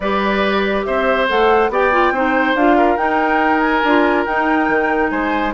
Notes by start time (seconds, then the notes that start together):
0.00 G3 G4 B4 D5
0.84 C4 C5 E5
1.28 A3 A4 F#5
1.69 B3 G4 D5 G5
1.92 F4
2.11 C4 D#4 C5
2.54 D4 F4 F5
2.77 A#4
2.96 D#4 G5
3.60 G#5
3.83 D4 F4
4.25 D#4 G5
4.68 D#3
5.10 G#3 C5 G#5